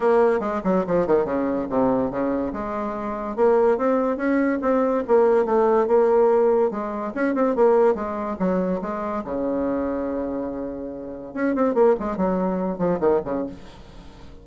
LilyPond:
\new Staff \with { instrumentName = "bassoon" } { \time 4/4 \tempo 4 = 143 ais4 gis8 fis8 f8 dis8 cis4 | c4 cis4 gis2 | ais4 c'4 cis'4 c'4 | ais4 a4 ais2 |
gis4 cis'8 c'8 ais4 gis4 | fis4 gis4 cis2~ | cis2. cis'8 c'8 | ais8 gis8 fis4. f8 dis8 cis8 | }